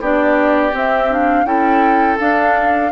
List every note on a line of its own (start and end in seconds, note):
0.00 0.72 B3
0.00 0.71 D4
0.00 1.45 G4
0.00 0.75 D5
0.71 1.08 C4
0.71 1.44 C4
0.71 1.12 E5
1.10 1.45 D4
1.10 1.46 F5
1.44 2.17 C#4
1.44 2.17 E4
1.44 2.91 A4
1.44 2.18 G5
2.19 2.91 D4
2.19 2.92 D4
2.19 2.92 F5